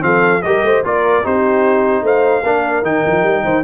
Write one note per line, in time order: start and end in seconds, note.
0.00 0.43 F3
0.00 0.40 C4
0.00 0.45 A4
0.00 0.42 F5
0.42 0.62 G3
0.42 0.84 G4
0.42 0.66 A#4
0.42 0.82 D#5
0.62 0.83 A3
0.62 0.85 C5
0.84 1.24 A#3
0.84 1.23 F4
0.84 1.24 A#4
0.84 1.26 D5
1.23 2.02 C4
1.23 2.43 D#4
1.23 2.03 G4
1.23 2.06 C5
2.02 2.42 A3
2.02 2.43 C5
2.02 2.84 F5
2.43 2.82 A#3
2.43 2.83 D4
2.43 3.43 A#4
2.82 3.02 D#3
2.82 3.63 D#4
2.82 3.63 G5
3.05 3.23 F3
3.23 3.43 G3
3.43 3.63 D#3
3.43 3.63 C5